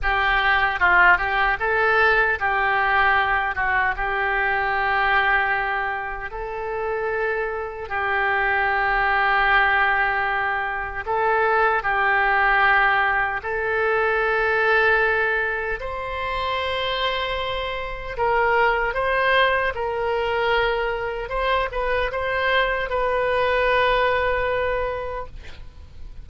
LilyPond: \new Staff \with { instrumentName = "oboe" } { \time 4/4 \tempo 4 = 76 g'4 f'8 g'8 a'4 g'4~ | g'8 fis'8 g'2. | a'2 g'2~ | g'2 a'4 g'4~ |
g'4 a'2. | c''2. ais'4 | c''4 ais'2 c''8 b'8 | c''4 b'2. | }